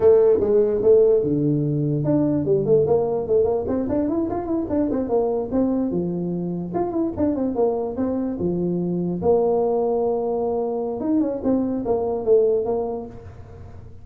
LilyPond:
\new Staff \with { instrumentName = "tuba" } { \time 4/4 \tempo 4 = 147 a4 gis4 a4 d4~ | d4 d'4 g8 a8 ais4 | a8 ais8 c'8 d'8 e'8 f'8 e'8 d'8 | c'8 ais4 c'4 f4.~ |
f8 f'8 e'8 d'8 c'8 ais4 c'8~ | c'8 f2 ais4.~ | ais2. dis'8 cis'8 | c'4 ais4 a4 ais4 | }